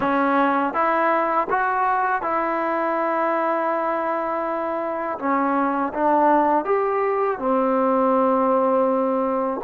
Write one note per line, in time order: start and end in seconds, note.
0.00 0.73 C#4
0.73 1.47 E4
1.49 2.22 F#4
2.22 5.18 E4
5.19 5.93 C#4
5.93 6.64 D4
6.64 7.38 G4
7.38 9.61 C4